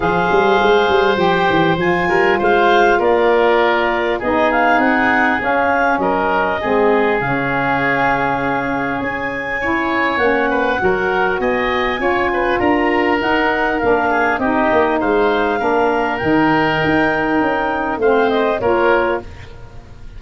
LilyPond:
<<
  \new Staff \with { instrumentName = "clarinet" } { \time 4/4 \tempo 4 = 100 f''2 g''4 gis''4 | f''4 d''2 dis''8 f''8 | fis''4 f''4 dis''2 | f''2. gis''4~ |
gis''4 fis''2 gis''4~ | gis''4 ais''4 fis''4 f''4 | dis''4 f''2 g''4~ | g''2 f''8 dis''8 cis''4 | }
  \new Staff \with { instrumentName = "oboe" } { \time 4/4 c''2.~ c''8 ais'8 | c''4 ais'2 gis'4~ | gis'2 ais'4 gis'4~ | gis'1 |
cis''4. b'8 ais'4 dis''4 | cis''8 b'8 ais'2~ ais'8 gis'8 | g'4 c''4 ais'2~ | ais'2 c''4 ais'4 | }
  \new Staff \with { instrumentName = "saxophone" } { \time 4/4 gis'2 g'4 f'4~ | f'2. dis'4~ | dis'4 cis'2 c'4 | cis'1 |
e'4 cis'4 fis'2 | f'2 dis'4 d'4 | dis'2 d'4 dis'4~ | dis'2 c'4 f'4 | }
  \new Staff \with { instrumentName = "tuba" } { \time 4/4 f8 g8 gis8 g8 f8 e8 f8 g8 | gis4 ais2 b4 | c'4 cis'4 fis4 gis4 | cis2. cis'4~ |
cis'4 ais4 fis4 b4 | cis'4 d'4 dis'4 ais4 | c'8 ais8 gis4 ais4 dis4 | dis'4 cis'4 a4 ais4 | }
>>